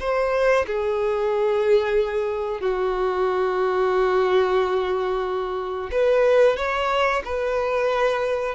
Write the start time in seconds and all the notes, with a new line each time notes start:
0.00 C5
0.67 G#4
2.61 F#4
5.92 B4
6.57 C#5
7.25 B4